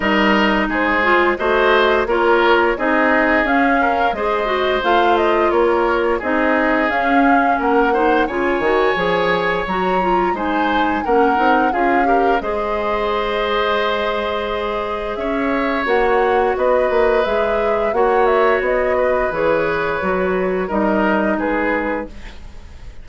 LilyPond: <<
  \new Staff \with { instrumentName = "flute" } { \time 4/4 \tempo 4 = 87 dis''4 c''4 dis''4 cis''4 | dis''4 f''4 dis''4 f''8 dis''8 | cis''4 dis''4 f''4 fis''4 | gis''2 ais''4 gis''4 |
fis''4 f''4 dis''2~ | dis''2 e''4 fis''4 | dis''4 e''4 fis''8 e''8 dis''4 | cis''2 dis''4 b'4 | }
  \new Staff \with { instrumentName = "oboe" } { \time 4/4 ais'4 gis'4 c''4 ais'4 | gis'4. ais'8 c''2 | ais'4 gis'2 ais'8 c''8 | cis''2. c''4 |
ais'4 gis'8 ais'8 c''2~ | c''2 cis''2 | b'2 cis''4. b'8~ | b'2 ais'4 gis'4 | }
  \new Staff \with { instrumentName = "clarinet" } { \time 4/4 dis'4. f'8 fis'4 f'4 | dis'4 cis'4 gis'8 fis'8 f'4~ | f'4 dis'4 cis'4. dis'8 | f'8 fis'8 gis'4 fis'8 f'8 dis'4 |
cis'8 dis'8 f'8 g'8 gis'2~ | gis'2. fis'4~ | fis'4 gis'4 fis'2 | gis'4 fis'4 dis'2 | }
  \new Staff \with { instrumentName = "bassoon" } { \time 4/4 g4 gis4 a4 ais4 | c'4 cis'4 gis4 a4 | ais4 c'4 cis'4 ais4 | cis8 dis8 f4 fis4 gis4 |
ais8 c'8 cis'4 gis2~ | gis2 cis'4 ais4 | b8 ais8 gis4 ais4 b4 | e4 fis4 g4 gis4 | }
>>